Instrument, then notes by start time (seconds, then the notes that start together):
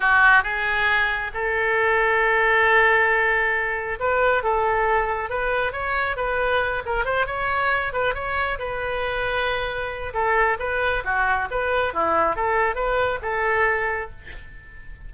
oboe
0.00 F#4
0.43 G#4
1.34 A4
3.99 B4
4.43 A4
5.29 B4
5.72 C#5
6.16 B4
6.85 A#4
7.05 C5
7.26 C#5
7.92 B4
8.14 C#5
8.58 B4
10.13 A4
10.59 B4
11.04 F#4
11.50 B4
11.93 E4
12.36 A4
12.75 B4
13.22 A4